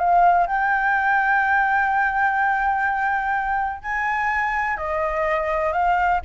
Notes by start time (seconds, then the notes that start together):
0.00 F5
0.47 G5
3.82 G#5
4.77 D#5
5.73 F5